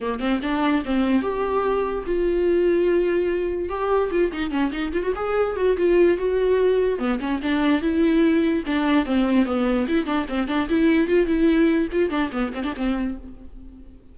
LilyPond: \new Staff \with { instrumentName = "viola" } { \time 4/4 \tempo 4 = 146 ais8 c'8 d'4 c'4 g'4~ | g'4 f'2.~ | f'4 g'4 f'8 dis'8 cis'8 dis'8 | f'16 fis'16 gis'4 fis'8 f'4 fis'4~ |
fis'4 b8 cis'8 d'4 e'4~ | e'4 d'4 c'4 b4 | e'8 d'8 c'8 d'8 e'4 f'8 e'8~ | e'4 f'8 d'8 b8 c'16 d'16 c'4 | }